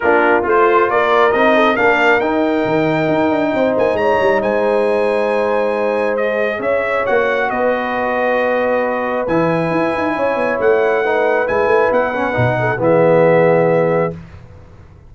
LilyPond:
<<
  \new Staff \with { instrumentName = "trumpet" } { \time 4/4 \tempo 4 = 136 ais'4 c''4 d''4 dis''4 | f''4 g''2.~ | g''8 gis''8 ais''4 gis''2~ | gis''2 dis''4 e''4 |
fis''4 dis''2.~ | dis''4 gis''2. | fis''2 gis''4 fis''4~ | fis''4 e''2. | }
  \new Staff \with { instrumentName = "horn" } { \time 4/4 f'2 ais'4. a'8 | ais'1 | c''4 cis''4 c''2~ | c''2. cis''4~ |
cis''4 b'2.~ | b'2. cis''4~ | cis''4 b'2.~ | b'8 a'8 gis'2. | }
  \new Staff \with { instrumentName = "trombone" } { \time 4/4 d'4 f'2 dis'4 | d'4 dis'2.~ | dis'1~ | dis'2 gis'2 |
fis'1~ | fis'4 e'2.~ | e'4 dis'4 e'4. cis'8 | dis'4 b2. | }
  \new Staff \with { instrumentName = "tuba" } { \time 4/4 ais4 a4 ais4 c'4 | ais4 dis'4 dis4 dis'8 d'8 | c'8 ais8 gis8 g8 gis2~ | gis2. cis'4 |
ais4 b2.~ | b4 e4 e'8 dis'8 cis'8 b8 | a2 gis8 a8 b4 | b,4 e2. | }
>>